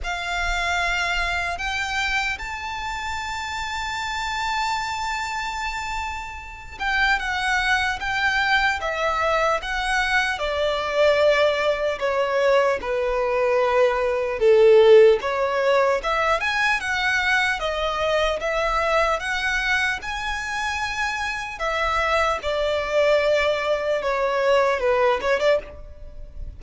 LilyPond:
\new Staff \with { instrumentName = "violin" } { \time 4/4 \tempo 4 = 75 f''2 g''4 a''4~ | a''1~ | a''8 g''8 fis''4 g''4 e''4 | fis''4 d''2 cis''4 |
b'2 a'4 cis''4 | e''8 gis''8 fis''4 dis''4 e''4 | fis''4 gis''2 e''4 | d''2 cis''4 b'8 cis''16 d''16 | }